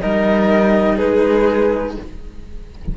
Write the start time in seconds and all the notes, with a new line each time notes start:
0.00 G3 D#4 A#4 D#5
0.95 G#3 G#4 B4